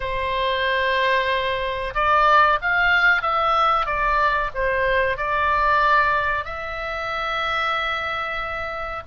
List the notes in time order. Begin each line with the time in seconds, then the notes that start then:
0.00 C5
1.94 D5
2.61 F5
3.22 E5
3.86 D5
4.54 C5
5.17 D5
6.44 E5